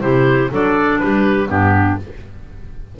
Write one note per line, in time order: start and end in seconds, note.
0.00 0.51 C3
0.00 0.50 E4
0.00 0.50 G4
0.00 0.50 C5
0.50 1.01 F#3
0.50 1.47 D4
0.50 1.00 A4
0.50 0.99 D5
0.99 1.49 G3
0.99 1.49 G4
0.99 1.48 B4
1.47 1.99 G2
1.47 1.96 B3
1.47 1.98 D4
1.47 1.99 G4